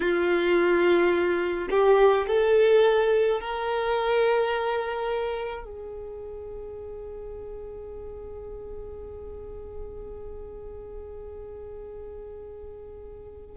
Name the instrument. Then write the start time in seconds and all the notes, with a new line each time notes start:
violin
0.00 F4
1.70 G4
2.27 A4
3.40 A#4
5.64 G#4